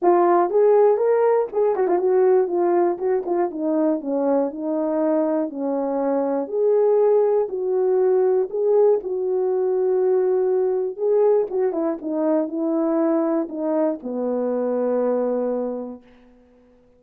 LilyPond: \new Staff \with { instrumentName = "horn" } { \time 4/4 \tempo 4 = 120 f'4 gis'4 ais'4 gis'8 fis'16 f'16 | fis'4 f'4 fis'8 f'8 dis'4 | cis'4 dis'2 cis'4~ | cis'4 gis'2 fis'4~ |
fis'4 gis'4 fis'2~ | fis'2 gis'4 fis'8 e'8 | dis'4 e'2 dis'4 | b1 | }